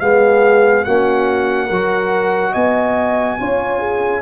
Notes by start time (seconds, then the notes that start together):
0.00 G#3 B3 G#4 F5
0.84 A#3 C#4 F#4 F#5
1.66 F#3 F#4 A#4
2.51 B3 D#5 G#5
3.39 C#4 F4 C#5
3.79 G#4